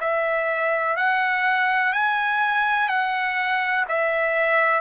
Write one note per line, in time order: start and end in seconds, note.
0.00 0.96 E5
0.96 1.93 F#5
1.93 2.89 G#5
2.89 3.85 F#5
3.88 4.81 E5